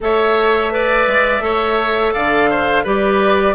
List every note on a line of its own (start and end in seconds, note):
0.00 1.07 A3
0.00 0.71 A4
0.00 0.73 C#5
0.00 2.13 E5
0.71 1.40 B4
0.71 1.44 D5
1.07 1.40 G#3
1.40 2.12 A3
1.40 2.83 A4
1.40 2.13 C#5
2.13 2.85 D3
2.13 2.49 D5
2.13 2.85 F5
2.49 2.83 C5
2.83 3.55 G3
2.83 3.55 G4
2.83 3.55 B4
2.83 3.55 D5